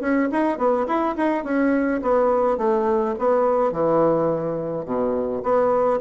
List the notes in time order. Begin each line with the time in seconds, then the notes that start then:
0.00 C#4
0.31 D#4
0.58 B3
0.86 E4
1.17 D#4
1.44 C#4
2.02 B3
2.57 A3
3.18 B3
3.72 E3
4.85 B2
5.43 B3